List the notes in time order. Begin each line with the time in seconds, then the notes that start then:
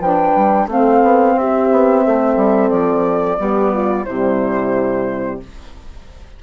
0.00 F3 D4 B4 G5
0.36 G3
0.67 A3 C4 A4 F5
1.03 B3
1.35 C4 G4 E5
1.72 B3
2.04 A3 A4
2.36 G3
2.70 F3 D5
3.38 G3 B3 G4
3.73 F4
4.05 C3 G3 E4 C5